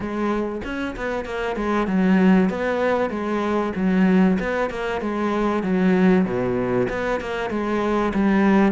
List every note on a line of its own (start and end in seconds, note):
0.00 0.61 G#3
0.64 0.95 C#4
0.96 1.25 B3
1.25 1.55 A#3
1.55 1.87 G#3
1.87 2.49 F#3
2.49 3.10 B3
3.10 3.72 G#3
3.75 4.38 F#3
4.39 4.70 B3
4.70 5.01 A#3
5.01 5.62 G#3
5.62 6.25 F#3
6.25 6.87 B2
6.89 7.20 B3
7.20 7.50 A#3
7.50 8.12 G#3
8.14 8.72 G3